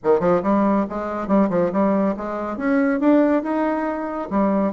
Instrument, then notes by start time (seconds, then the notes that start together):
bassoon
0.03 D#3
0.19 F3
0.42 G3
0.89 G#3
1.27 G3
1.49 F3
1.72 G3
2.16 G#3
2.57 C#4
3.00 D4
3.43 D#4
4.30 G3